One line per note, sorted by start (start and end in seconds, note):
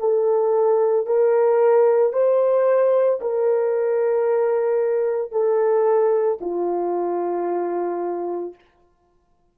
0.00 1.07 A4
1.07 2.13 A#4
2.13 3.20 C5
3.21 5.32 A#4
5.32 6.39 A4
6.41 8.55 F4